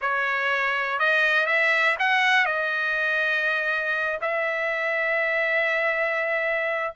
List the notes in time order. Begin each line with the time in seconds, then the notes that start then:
0.01 C#5
0.99 D#5
1.46 E5
1.99 F#5
2.45 D#5
4.21 E5